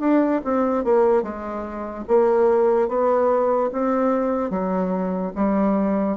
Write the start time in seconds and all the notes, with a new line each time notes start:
0.00 D4
0.44 C4
0.84 A#3
1.23 G#3
2.08 A#3
2.88 B3
3.72 C4
4.50 F#3
5.35 G3